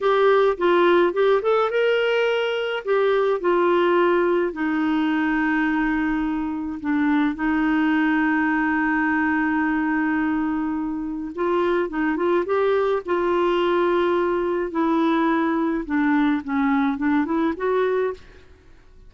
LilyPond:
\new Staff \with { instrumentName = "clarinet" } { \time 4/4 \tempo 4 = 106 g'4 f'4 g'8 a'8 ais'4~ | ais'4 g'4 f'2 | dis'1 | d'4 dis'2.~ |
dis'1 | f'4 dis'8 f'8 g'4 f'4~ | f'2 e'2 | d'4 cis'4 d'8 e'8 fis'4 | }